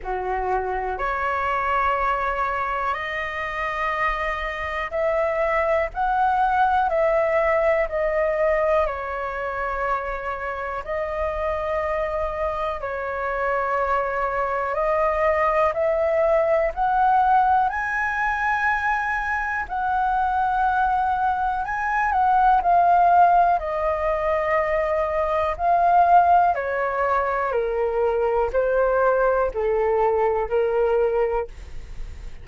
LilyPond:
\new Staff \with { instrumentName = "flute" } { \time 4/4 \tempo 4 = 61 fis'4 cis''2 dis''4~ | dis''4 e''4 fis''4 e''4 | dis''4 cis''2 dis''4~ | dis''4 cis''2 dis''4 |
e''4 fis''4 gis''2 | fis''2 gis''8 fis''8 f''4 | dis''2 f''4 cis''4 | ais'4 c''4 a'4 ais'4 | }